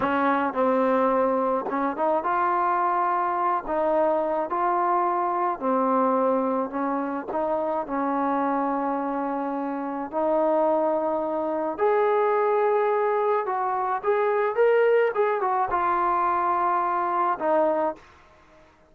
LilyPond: \new Staff \with { instrumentName = "trombone" } { \time 4/4 \tempo 4 = 107 cis'4 c'2 cis'8 dis'8 | f'2~ f'8 dis'4. | f'2 c'2 | cis'4 dis'4 cis'2~ |
cis'2 dis'2~ | dis'4 gis'2. | fis'4 gis'4 ais'4 gis'8 fis'8 | f'2. dis'4 | }